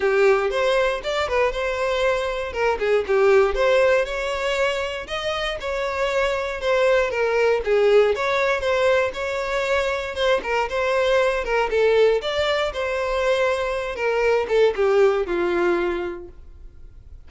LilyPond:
\new Staff \with { instrumentName = "violin" } { \time 4/4 \tempo 4 = 118 g'4 c''4 d''8 b'8 c''4~ | c''4 ais'8 gis'8 g'4 c''4 | cis''2 dis''4 cis''4~ | cis''4 c''4 ais'4 gis'4 |
cis''4 c''4 cis''2 | c''8 ais'8 c''4. ais'8 a'4 | d''4 c''2~ c''8 ais'8~ | ais'8 a'8 g'4 f'2 | }